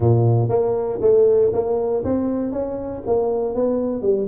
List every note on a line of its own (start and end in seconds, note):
0.00 0.48 A#2
0.48 0.99 A#3
1.01 1.51 A3
1.53 2.03 A#3
2.04 2.52 C4
2.52 3.02 C#4
3.06 3.54 A#3
3.54 4.02 B3
4.02 4.27 G3